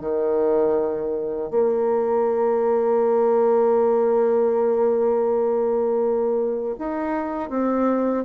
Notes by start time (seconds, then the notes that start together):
0.00 D#3
1.50 A#3
6.78 D#4
7.49 C4